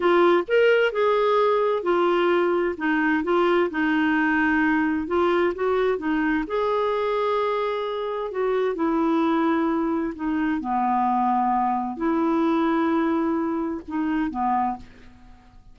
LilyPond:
\new Staff \with { instrumentName = "clarinet" } { \time 4/4 \tempo 4 = 130 f'4 ais'4 gis'2 | f'2 dis'4 f'4 | dis'2. f'4 | fis'4 dis'4 gis'2~ |
gis'2 fis'4 e'4~ | e'2 dis'4 b4~ | b2 e'2~ | e'2 dis'4 b4 | }